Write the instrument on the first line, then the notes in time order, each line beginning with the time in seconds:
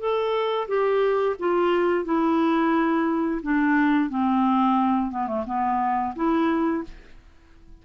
clarinet
0.00 A4
0.68 G4
1.40 F4
2.05 E4
3.43 D4
4.10 C4
5.11 B3
5.28 A3
5.47 B3
6.16 E4